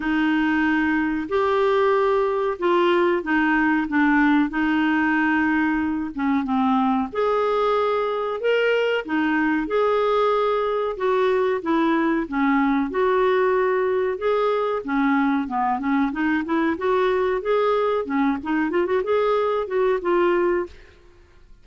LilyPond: \new Staff \with { instrumentName = "clarinet" } { \time 4/4 \tempo 4 = 93 dis'2 g'2 | f'4 dis'4 d'4 dis'4~ | dis'4. cis'8 c'4 gis'4~ | gis'4 ais'4 dis'4 gis'4~ |
gis'4 fis'4 e'4 cis'4 | fis'2 gis'4 cis'4 | b8 cis'8 dis'8 e'8 fis'4 gis'4 | cis'8 dis'8 f'16 fis'16 gis'4 fis'8 f'4 | }